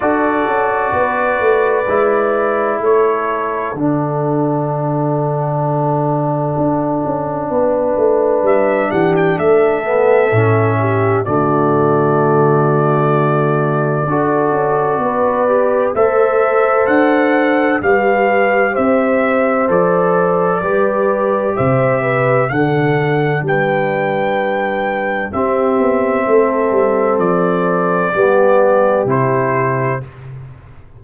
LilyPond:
<<
  \new Staff \with { instrumentName = "trumpet" } { \time 4/4 \tempo 4 = 64 d''2. cis''4 | fis''1~ | fis''4 e''8 fis''16 g''16 e''2 | d''1~ |
d''4 e''4 fis''4 f''4 | e''4 d''2 e''4 | fis''4 g''2 e''4~ | e''4 d''2 c''4 | }
  \new Staff \with { instrumentName = "horn" } { \time 4/4 a'4 b'2 a'4~ | a'1 | b'4. g'8 a'4. g'8 | fis'2. a'4 |
b'4 c''2 b'4 | c''2 b'4 c''8 b'8 | a'4 b'2 g'4 | a'2 g'2 | }
  \new Staff \with { instrumentName = "trombone" } { \time 4/4 fis'2 e'2 | d'1~ | d'2~ d'8 b8 cis'4 | a2. fis'4~ |
fis'8 g'8 a'2 g'4~ | g'4 a'4 g'2 | d'2. c'4~ | c'2 b4 e'4 | }
  \new Staff \with { instrumentName = "tuba" } { \time 4/4 d'8 cis'8 b8 a8 gis4 a4 | d2. d'8 cis'8 | b8 a8 g8 e8 a4 a,4 | d2. d'8 cis'8 |
b4 a4 d'4 g4 | c'4 f4 g4 c4 | d4 g2 c'8 b8 | a8 g8 f4 g4 c4 | }
>>